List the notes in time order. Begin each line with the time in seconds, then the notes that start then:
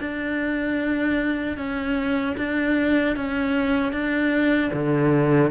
0.00 D4
1.57 C#4
2.38 D4
3.16 C#4
3.93 D4
4.73 D3